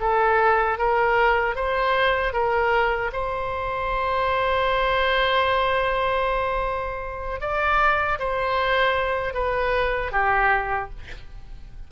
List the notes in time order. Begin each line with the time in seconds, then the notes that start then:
0.00 A4
0.78 A#4
1.55 C5
2.33 A#4
3.13 C5
7.41 D5
8.19 C5
9.34 B4
10.12 G4